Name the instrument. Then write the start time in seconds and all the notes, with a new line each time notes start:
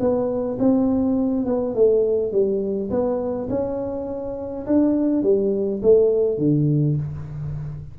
tuba
0.00 B3
0.59 C4
1.46 B3
1.75 A3
2.32 G3
2.90 B3
3.50 C#4
4.67 D4
5.23 G3
5.83 A3
6.38 D3